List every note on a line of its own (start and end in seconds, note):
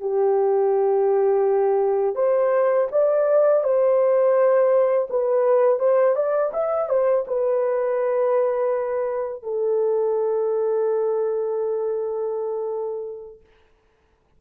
0.00 2.15 G4
2.15 2.88 C5
2.91 3.64 D5
3.64 5.08 C5
5.10 5.79 B4
5.79 6.15 C5
6.15 6.52 D5
6.53 6.89 E5
6.89 7.25 C5
7.27 9.43 B4
9.43 13.40 A4